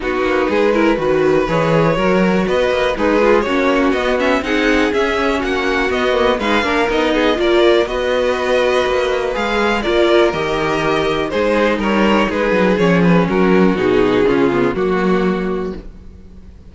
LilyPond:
<<
  \new Staff \with { instrumentName = "violin" } { \time 4/4 \tempo 4 = 122 b'2. cis''4~ | cis''4 dis''4 b'4 cis''4 | dis''8 e''8 fis''4 e''4 fis''4 | dis''4 f''4 dis''4 d''4 |
dis''2. f''4 | d''4 dis''2 c''4 | cis''4 b'4 cis''8 b'8 ais'4 | gis'2 fis'2 | }
  \new Staff \with { instrumentName = "violin" } { \time 4/4 fis'4 gis'8 ais'8 b'2 | ais'4 b'4 dis'8 f'8 fis'4~ | fis'4 gis'2 fis'4~ | fis'4 b'8 ais'4 gis'8 ais'4 |
b'1 | ais'2. gis'4 | ais'4 gis'2 fis'4~ | fis'4 f'4 fis'2 | }
  \new Staff \with { instrumentName = "viola" } { \time 4/4 dis'4. e'8 fis'4 gis'4 | fis'2 gis'4 cis'4 | b8 cis'8 dis'4 cis'2 | b8 ais8 dis'8 d'8 dis'4 f'4 |
fis'2. gis'4 | f'4 g'2 dis'4~ | dis'2 cis'2 | dis'4 cis'8 b8 ais2 | }
  \new Staff \with { instrumentName = "cello" } { \time 4/4 b8 ais8 gis4 dis4 e4 | fis4 b8 ais8 gis4 ais4 | b4 c'4 cis'4 ais4 | b4 gis8 ais8 b4 ais4 |
b2 ais4 gis4 | ais4 dis2 gis4 | g4 gis8 fis8 f4 fis4 | b,4 cis4 fis2 | }
>>